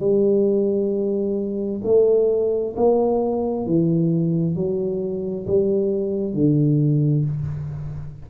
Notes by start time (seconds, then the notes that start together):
0.00 G3
1.85 A3
2.77 A#3
3.67 E3
4.56 F#3
5.47 G3
6.34 D3